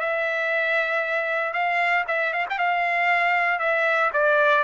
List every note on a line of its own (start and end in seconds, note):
0.00 1.53 E5
1.53 2.05 F5
2.08 2.33 E5
2.33 2.46 F5
2.50 2.58 G5
2.58 3.59 F5
3.59 4.11 E5
4.14 4.64 D5